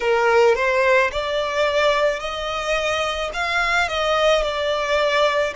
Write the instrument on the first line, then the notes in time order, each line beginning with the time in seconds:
violin
0.00 A#4
0.55 C5
1.11 D5
2.19 D#5
3.33 F5
3.88 D#5
4.42 D5